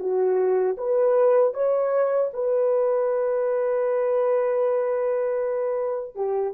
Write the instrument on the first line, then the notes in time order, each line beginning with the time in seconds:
horn
0.00 F#4
0.78 B4
1.54 C#5
2.34 B4
6.16 G4